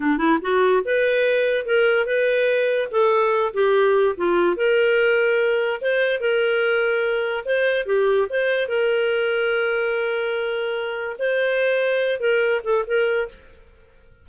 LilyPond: \new Staff \with { instrumentName = "clarinet" } { \time 4/4 \tempo 4 = 145 d'8 e'8 fis'4 b'2 | ais'4 b'2 a'4~ | a'8 g'4. f'4 ais'4~ | ais'2 c''4 ais'4~ |
ais'2 c''4 g'4 | c''4 ais'2.~ | ais'2. c''4~ | c''4. ais'4 a'8 ais'4 | }